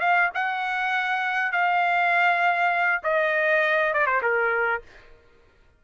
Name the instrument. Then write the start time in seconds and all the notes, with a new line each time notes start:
trumpet
0.00 F5
0.34 F#5
1.52 F5
3.04 D#5
3.94 D5
4.06 C5
4.22 A#4